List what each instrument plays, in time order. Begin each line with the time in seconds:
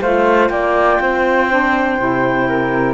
0.00 cello A3, saxophone F4, flute C5, clarinet F5
0.49 cello A#3, flute D5, clarinet G5
1.00 cello C4, flute C5
1.50 saxophone D4
1.98 cello C3, saxophone E4
2.48 flute A#4